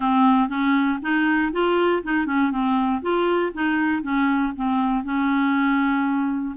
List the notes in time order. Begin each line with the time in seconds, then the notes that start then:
0.00 C4
0.48 C#4
1.02 D#4
1.52 F4
2.03 D#4
2.26 C#4
2.51 C4
3.02 F4
3.53 D#4
4.02 C#4
4.56 C4
5.04 C#4